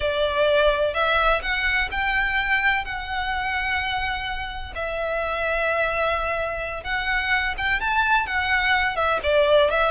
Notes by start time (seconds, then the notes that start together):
0.00 D5
0.94 E5
1.42 F#5
1.91 G5
2.84 F#5
4.75 E5
6.83 F#5
7.57 G5
7.80 A5
8.26 F#5
8.96 E5
9.23 D5
9.70 E5